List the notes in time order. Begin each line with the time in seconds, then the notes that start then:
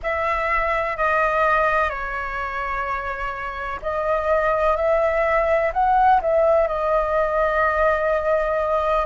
0.03 E5
0.97 D#5
1.89 C#5
3.81 D#5
4.76 E5
5.73 F#5
6.21 E5
6.67 D#5